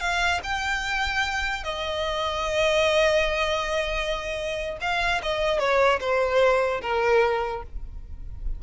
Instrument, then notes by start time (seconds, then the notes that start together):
violin
0.00 F5
0.43 G5
1.64 D#5
4.81 F5
5.22 D#5
5.59 C#5
6.00 C5
6.81 A#4